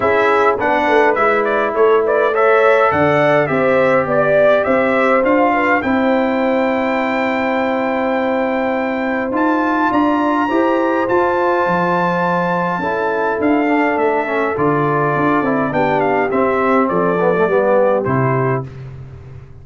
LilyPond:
<<
  \new Staff \with { instrumentName = "trumpet" } { \time 4/4 \tempo 4 = 103 e''4 fis''4 e''8 d''8 cis''8 d''8 | e''4 fis''4 e''4 d''4 | e''4 f''4 g''2~ | g''1 |
a''4 ais''2 a''4~ | a''2. f''4 | e''4 d''2 g''8 f''8 | e''4 d''2 c''4 | }
  \new Staff \with { instrumentName = "horn" } { \time 4/4 gis'4 b'2 a'8 b'8 | cis''4 d''4 c''4 d''4 | c''4. b'8 c''2~ | c''1~ |
c''4 d''4 c''2~ | c''2 a'2~ | a'2. g'4~ | g'4 a'4 g'2 | }
  \new Staff \with { instrumentName = "trombone" } { \time 4/4 e'4 d'4 e'2 | a'2 g'2~ | g'4 f'4 e'2~ | e'1 |
f'2 g'4 f'4~ | f'2 e'4. d'8~ | d'8 cis'8 f'4. e'8 d'4 | c'4. b16 a16 b4 e'4 | }
  \new Staff \with { instrumentName = "tuba" } { \time 4/4 cis'4 b8 a8 gis4 a4~ | a4 d4 c'4 b4 | c'4 d'4 c'2~ | c'1 |
dis'4 d'4 e'4 f'4 | f2 cis'4 d'4 | a4 d4 d'8 c'8 b4 | c'4 f4 g4 c4 | }
>>